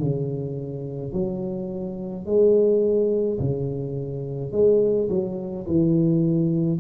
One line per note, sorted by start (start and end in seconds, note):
0.00 1.13 C#3
1.13 2.26 F#3
2.26 3.40 G#3
3.40 4.52 C#3
4.52 5.09 G#3
5.10 5.67 F#3
5.67 6.80 E3